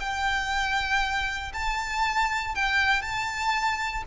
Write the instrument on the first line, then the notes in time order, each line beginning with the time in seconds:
violin
0.00 G5
1.53 A5
2.55 G5
3.02 A5